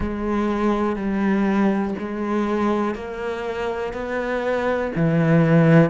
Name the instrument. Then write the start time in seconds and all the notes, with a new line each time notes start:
cello
0.00 G#3
0.96 G3
1.99 G#3
2.94 A#3
3.93 B3
4.95 E3